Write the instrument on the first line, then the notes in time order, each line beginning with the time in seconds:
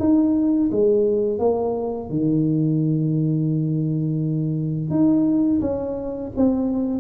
tuba
0.00 D#4
0.72 G#3
1.39 A#3
2.10 D#3
4.90 D#4
5.61 C#4
6.37 C4